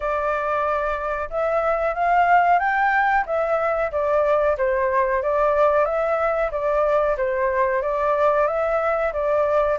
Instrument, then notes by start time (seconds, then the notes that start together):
flute
0.00 D5
1.30 E5
1.94 F5
2.59 G5
3.25 E5
3.91 D5
4.57 C5
5.22 D5
5.85 E5
6.51 D5
7.17 C5
7.81 D5
8.47 E5
9.12 D5